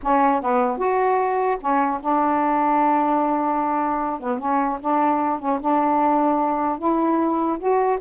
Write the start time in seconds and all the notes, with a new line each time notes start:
0.02 C#4
0.41 B3
0.77 F#4
1.60 C#4
2.01 D4
4.20 B3
4.39 C#4
4.80 D4
5.39 C#4
5.60 D4
6.78 E4
7.58 F#4